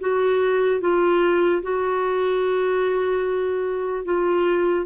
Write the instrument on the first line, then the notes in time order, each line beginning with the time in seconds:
clarinet
0.00 F#4
0.81 F4
1.62 F#4
4.05 F4